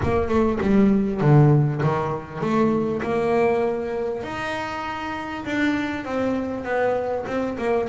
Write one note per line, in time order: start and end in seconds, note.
0.02 0.28 A#3
0.28 0.58 A3
0.61 1.20 G3
1.20 1.81 D3
1.83 2.40 D#3
2.40 3.01 A3
3.02 4.23 A#3
4.23 5.44 D#4
5.45 6.04 D4
6.04 6.64 C4
6.64 7.25 B3
7.26 7.57 C4
7.58 7.88 A#3